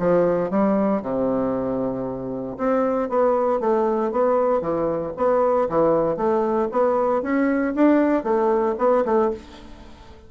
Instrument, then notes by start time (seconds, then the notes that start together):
bassoon
0.00 F3
0.51 G3
1.03 C3
2.58 C4
3.10 B3
3.60 A3
4.12 B3
4.62 E3
5.17 B3
5.70 E3
6.17 A3
6.72 B3
7.23 C#4
7.76 D4
8.24 A3
8.79 B3
9.06 A3